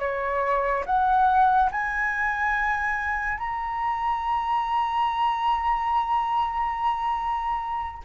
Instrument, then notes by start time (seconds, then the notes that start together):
flute
0.00 C#5
0.86 F#5
1.72 G#5
3.38 A#5